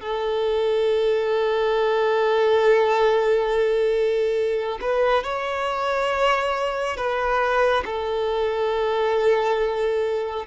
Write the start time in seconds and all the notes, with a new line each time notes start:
0.00 A4
4.81 B4
5.23 C#5
6.96 B4
7.85 A4